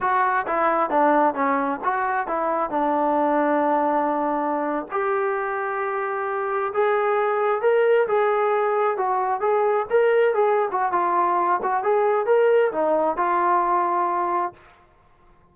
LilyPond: \new Staff \with { instrumentName = "trombone" } { \time 4/4 \tempo 4 = 132 fis'4 e'4 d'4 cis'4 | fis'4 e'4 d'2~ | d'2~ d'8. g'4~ g'16~ | g'2~ g'8. gis'4~ gis'16~ |
gis'8. ais'4 gis'2 fis'16~ | fis'8. gis'4 ais'4 gis'8. fis'8 | f'4. fis'8 gis'4 ais'4 | dis'4 f'2. | }